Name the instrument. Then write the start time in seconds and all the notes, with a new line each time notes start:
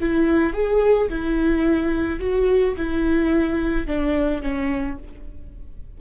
viola
0.00 E4
0.53 G#4
1.09 E4
2.19 F#4
2.77 E4
3.87 D4
4.42 C#4